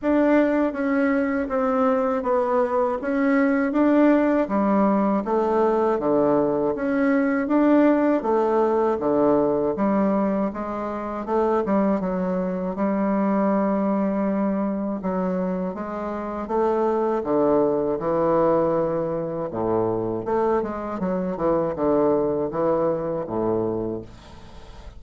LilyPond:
\new Staff \with { instrumentName = "bassoon" } { \time 4/4 \tempo 4 = 80 d'4 cis'4 c'4 b4 | cis'4 d'4 g4 a4 | d4 cis'4 d'4 a4 | d4 g4 gis4 a8 g8 |
fis4 g2. | fis4 gis4 a4 d4 | e2 a,4 a8 gis8 | fis8 e8 d4 e4 a,4 | }